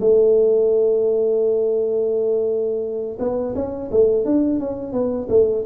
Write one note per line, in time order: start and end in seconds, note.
0.00 3.18 A3
3.19 3.54 B3
3.55 3.90 C#4
3.91 4.25 A3
4.25 4.59 D4
4.59 4.92 C#4
4.92 5.27 B3
5.29 5.64 A3